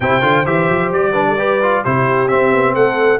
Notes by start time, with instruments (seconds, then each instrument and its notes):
0.00 tuba C3, trombone E4, horn C5, trumpet G5
0.21 tuba D3, trombone F4
0.45 tuba E3, trombone G4, trumpet E5
0.69 tuba F3
0.91 tuba G3, trumpet D5
1.12 trombone D4, horn B4
1.28 horn A4
1.38 trombone G4, horn B4
1.62 trombone F4
1.84 tuba C3, trombone E4, horn G4, trumpet C5
2.27 trombone C4, tuba C4, trumpet E5
2.52 tuba B3
2.74 tuba A3, horn A4, trumpet F#5